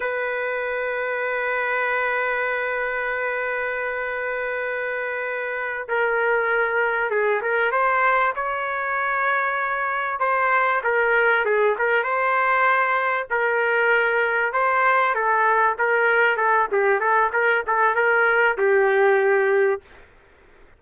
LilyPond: \new Staff \with { instrumentName = "trumpet" } { \time 4/4 \tempo 4 = 97 b'1~ | b'1~ | b'4. ais'2 gis'8 | ais'8 c''4 cis''2~ cis''8~ |
cis''8 c''4 ais'4 gis'8 ais'8 c''8~ | c''4. ais'2 c''8~ | c''8 a'4 ais'4 a'8 g'8 a'8 | ais'8 a'8 ais'4 g'2 | }